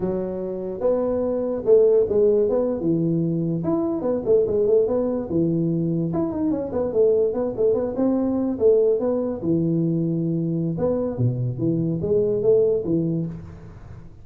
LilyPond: \new Staff \with { instrumentName = "tuba" } { \time 4/4 \tempo 4 = 145 fis2 b2 | a4 gis4 b8. e4~ e16~ | e8. e'4 b8 a8 gis8 a8 b16~ | b8. e2 e'8 dis'8 cis'16~ |
cis'16 b8 a4 b8 a8 b8 c'8.~ | c'8. a4 b4 e4~ e16~ | e2 b4 b,4 | e4 gis4 a4 e4 | }